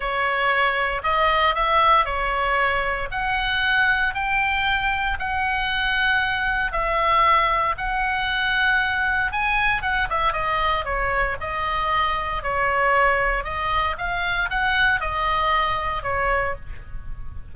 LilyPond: \new Staff \with { instrumentName = "oboe" } { \time 4/4 \tempo 4 = 116 cis''2 dis''4 e''4 | cis''2 fis''2 | g''2 fis''2~ | fis''4 e''2 fis''4~ |
fis''2 gis''4 fis''8 e''8 | dis''4 cis''4 dis''2 | cis''2 dis''4 f''4 | fis''4 dis''2 cis''4 | }